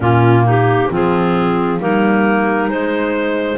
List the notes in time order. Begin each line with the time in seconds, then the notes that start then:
0.00 A#2 A#3 C#4 F4
0.43 D#4 G4
0.90 F3 C4 F4 G#4
1.79 G3 A#3 D#4 A#4
2.68 G#3 C5